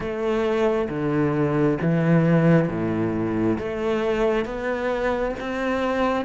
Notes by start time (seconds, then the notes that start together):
0.00 A3
0.89 D3
1.81 E3
2.68 A2
3.58 A3
4.45 B3
5.40 C4